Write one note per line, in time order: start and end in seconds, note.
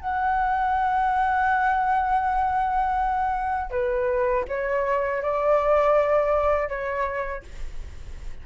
0.00 3.70 F#5
3.70 4.44 B4
4.48 5.22 C#5
5.22 6.69 D5
6.69 7.43 C#5